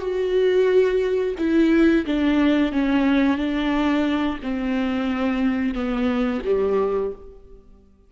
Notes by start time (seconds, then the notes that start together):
0.00 F#4
1.38 E4
2.06 D4
2.72 C#4
3.37 D4
4.42 C4
5.74 B3
6.45 G3